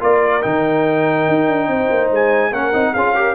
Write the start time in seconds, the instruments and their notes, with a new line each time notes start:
0.00 tuba A#3, trombone F4, horn A#4, trumpet D5
0.42 tuba D#3, trombone D#4, trumpet G5
1.28 tuba D#4
1.48 tuba D4
1.68 tuba C4, horn C5
1.91 tuba A#3
2.11 tuba G#3, trumpet G#5
2.50 tuba A#3, trombone C#4, horn A#4, trumpet F#5
2.73 tuba C4, trombone D#4
2.94 tuba C#4, trombone F4, horn G#4, trumpet F5
3.15 trombone G4, horn A#4